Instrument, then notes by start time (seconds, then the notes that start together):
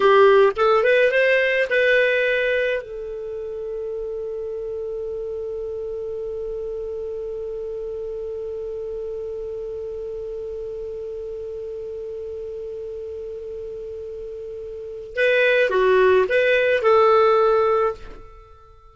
clarinet
0.00 G4
0.56 A4
0.83 B4
1.11 C5
1.70 B4
2.82 A4
15.16 B4
15.70 F#4
16.28 B4
16.82 A4